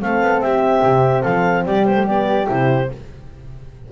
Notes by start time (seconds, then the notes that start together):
0.00 A3 C4 A4 F5
0.22 B3
0.41 C4 G4 E5
0.83 C3
1.23 F3 A4 F5
1.66 G3 G4 D5
1.86 B3 C5
1.94 A3
2.07 B3 D5
2.47 C3 E4 C5